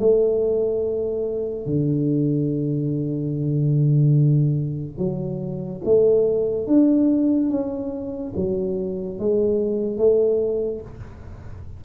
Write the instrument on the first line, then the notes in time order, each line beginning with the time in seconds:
tuba
0.00 A3
1.66 D3
4.98 F#3
5.85 A3
6.67 D4
7.50 C#4
8.36 F#3
9.19 G#3
9.98 A3